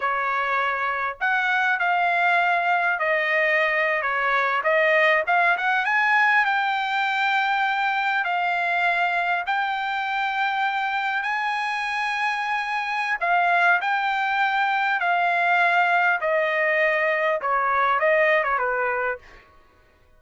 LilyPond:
\new Staff \with { instrumentName = "trumpet" } { \time 4/4 \tempo 4 = 100 cis''2 fis''4 f''4~ | f''4 dis''4.~ dis''16 cis''4 dis''16~ | dis''8. f''8 fis''8 gis''4 g''4~ g''16~ | g''4.~ g''16 f''2 g''16~ |
g''2~ g''8. gis''4~ gis''16~ | gis''2 f''4 g''4~ | g''4 f''2 dis''4~ | dis''4 cis''4 dis''8. cis''16 b'4 | }